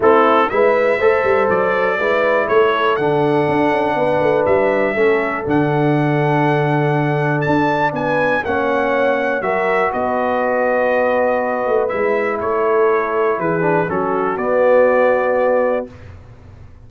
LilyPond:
<<
  \new Staff \with { instrumentName = "trumpet" } { \time 4/4 \tempo 4 = 121 a'4 e''2 d''4~ | d''4 cis''4 fis''2~ | fis''4 e''2 fis''4~ | fis''2. a''4 |
gis''4 fis''2 e''4 | dis''1 | e''4 cis''2 b'4 | a'4 d''2. | }
  \new Staff \with { instrumentName = "horn" } { \time 4/4 e'4 b'4 c''2 | b'4 a'2. | b'2 a'2~ | a'1 |
b'4 cis''2 ais'4 | b'1~ | b'4 a'2 gis'4 | fis'1 | }
  \new Staff \with { instrumentName = "trombone" } { \time 4/4 c'4 e'4 a'2 | e'2 d'2~ | d'2 cis'4 d'4~ | d'1~ |
d'4 cis'2 fis'4~ | fis'1 | e'2.~ e'8 d'8 | cis'4 b2. | }
  \new Staff \with { instrumentName = "tuba" } { \time 4/4 a4 gis4 a8 g8 fis4 | gis4 a4 d4 d'8 cis'8 | b8 a8 g4 a4 d4~ | d2. d'4 |
b4 ais2 fis4 | b2.~ b8 a8 | gis4 a2 e4 | fis4 b2. | }
>>